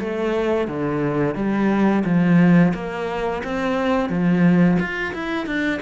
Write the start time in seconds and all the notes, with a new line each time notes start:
0.00 A3
0.68 D3
1.35 G3
2.05 F3
2.75 A#3
3.44 C4
4.10 F3
4.79 F4
5.14 E4
5.47 D4